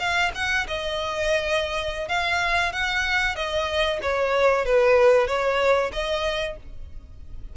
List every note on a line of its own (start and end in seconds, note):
0.00 0.32 F5
0.35 0.67 F#5
0.68 2.09 D#5
2.09 2.73 F5
2.73 3.36 F#5
3.36 4.00 D#5
4.02 4.66 C#5
4.66 5.28 B4
5.28 5.92 C#5
5.93 6.57 D#5